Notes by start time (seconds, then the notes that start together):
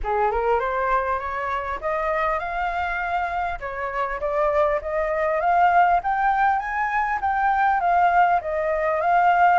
0.03 G#4
0.31 A#4
0.59 C5
1.19 C#5
1.81 D#5
2.39 F5
3.60 C#5
4.20 D5
4.81 D#5
5.40 F5
6.03 G5
6.59 G#5
7.21 G5
7.80 F5
8.41 D#5
9.00 F5